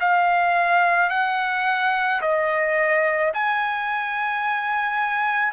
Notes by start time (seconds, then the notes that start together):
0.00 F5
1.10 F#5
2.21 D#5
3.33 G#5